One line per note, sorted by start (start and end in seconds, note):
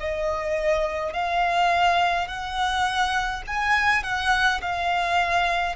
0.00 1.14 D#5
1.14 2.28 F5
2.28 3.43 F#5
3.47 4.03 G#5
4.03 4.61 F#5
4.62 5.76 F5